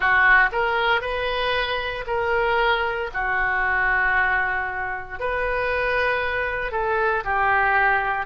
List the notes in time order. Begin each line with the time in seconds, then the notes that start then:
0.00 F#4
0.52 A#4
1.01 B4
2.06 A#4
3.13 F#4
5.19 B4
6.71 A4
7.24 G4